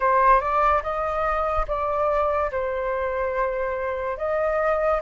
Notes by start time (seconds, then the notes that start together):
0.00 C5
0.40 D5
0.83 D#5
1.67 D5
2.51 C5
4.17 D#5